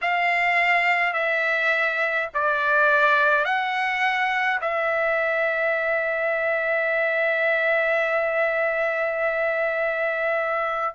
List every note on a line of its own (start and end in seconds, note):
0.01 1.13 F5
1.13 2.28 E5
2.34 3.44 D5
3.44 4.60 F#5
4.61 10.94 E5